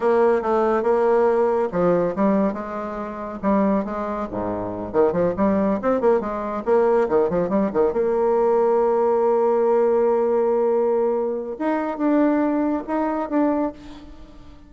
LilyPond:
\new Staff \with { instrumentName = "bassoon" } { \time 4/4 \tempo 4 = 140 ais4 a4 ais2 | f4 g4 gis2 | g4 gis4 gis,4. dis8 | f8 g4 c'8 ais8 gis4 ais8~ |
ais8 dis8 f8 g8 dis8 ais4.~ | ais1~ | ais2. dis'4 | d'2 dis'4 d'4 | }